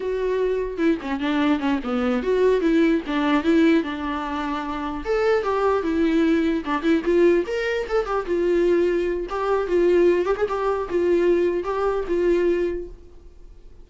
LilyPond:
\new Staff \with { instrumentName = "viola" } { \time 4/4 \tempo 4 = 149 fis'2 e'8 cis'8 d'4 | cis'8 b4 fis'4 e'4 d'8~ | d'8 e'4 d'2~ d'8~ | d'8 a'4 g'4 e'4.~ |
e'8 d'8 e'8 f'4 ais'4 a'8 | g'8 f'2~ f'8 g'4 | f'4. g'16 gis'16 g'4 f'4~ | f'4 g'4 f'2 | }